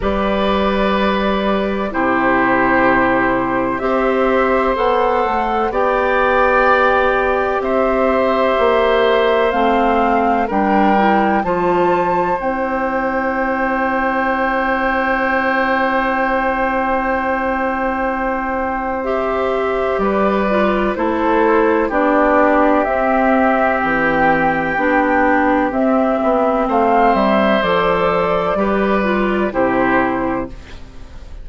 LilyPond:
<<
  \new Staff \with { instrumentName = "flute" } { \time 4/4 \tempo 4 = 63 d''2 c''2 | e''4 fis''4 g''2 | e''2 f''4 g''4 | a''4 g''2.~ |
g''1 | e''4 d''4 c''4 d''4 | e''4 g''2 e''4 | f''8 e''8 d''2 c''4 | }
  \new Staff \with { instrumentName = "oboe" } { \time 4/4 b'2 g'2 | c''2 d''2 | c''2. ais'4 | c''1~ |
c''1~ | c''4 b'4 a'4 g'4~ | g'1 | c''2 b'4 g'4 | }
  \new Staff \with { instrumentName = "clarinet" } { \time 4/4 g'2 e'2 | g'4 a'4 g'2~ | g'2 c'4 d'8 e'8 | f'4 e'2.~ |
e'1 | g'4. f'8 e'4 d'4 | c'2 d'4 c'4~ | c'4 a'4 g'8 f'8 e'4 | }
  \new Staff \with { instrumentName = "bassoon" } { \time 4/4 g2 c2 | c'4 b8 a8 b2 | c'4 ais4 a4 g4 | f4 c'2.~ |
c'1~ | c'4 g4 a4 b4 | c'4 e4 b4 c'8 b8 | a8 g8 f4 g4 c4 | }
>>